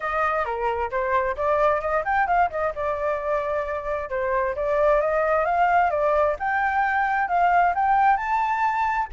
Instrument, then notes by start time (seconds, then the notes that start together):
flute
0.00 D#5
0.45 A#4
0.90 C5
1.36 D5
1.81 D#5
2.05 G5
2.27 F5
2.50 D#5
2.75 D5
4.09 C5
4.55 D5
5.00 D#5
5.45 F5
5.90 D5
6.39 G5
7.28 F5
7.74 G5
8.17 A5